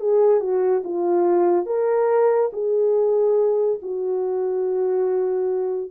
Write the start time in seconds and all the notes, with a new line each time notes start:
0.00 G#4
0.40 F#4
0.84 F4
1.66 A#4
2.53 G#4
3.82 F#4